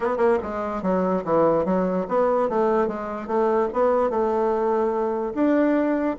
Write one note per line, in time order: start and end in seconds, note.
0.00 0.17 B3
0.17 0.38 A#3
0.43 0.82 G#3
0.82 1.23 F#3
1.24 1.65 E3
1.65 2.06 F#3
2.08 2.49 B3
2.49 2.87 A3
2.87 3.27 G#3
3.27 3.68 A3
3.73 4.10 B3
4.10 5.33 A3
5.34 6.16 D4